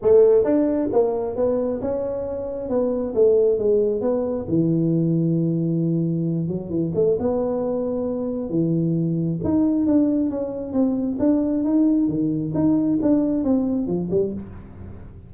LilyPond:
\new Staff \with { instrumentName = "tuba" } { \time 4/4 \tempo 4 = 134 a4 d'4 ais4 b4 | cis'2 b4 a4 | gis4 b4 e2~ | e2~ e8 fis8 e8 a8 |
b2. e4~ | e4 dis'4 d'4 cis'4 | c'4 d'4 dis'4 dis4 | dis'4 d'4 c'4 f8 g8 | }